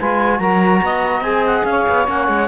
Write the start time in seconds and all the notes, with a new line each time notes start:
0.00 G#3 F4 B4 G#5
0.40 F#3 F#4 A#4 A#5
0.83 B3 D#5
1.21 C4 G#4 G#5
1.46 F#5
1.64 C#4 C#5 F5
1.89 B3
2.07 A#3 C#4 F#5
2.28 G#3